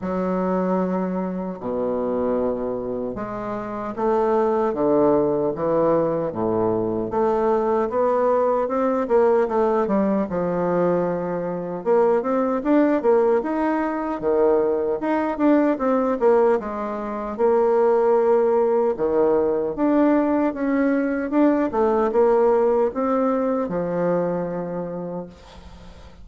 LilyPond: \new Staff \with { instrumentName = "bassoon" } { \time 4/4 \tempo 4 = 76 fis2 b,2 | gis4 a4 d4 e4 | a,4 a4 b4 c'8 ais8 | a8 g8 f2 ais8 c'8 |
d'8 ais8 dis'4 dis4 dis'8 d'8 | c'8 ais8 gis4 ais2 | dis4 d'4 cis'4 d'8 a8 | ais4 c'4 f2 | }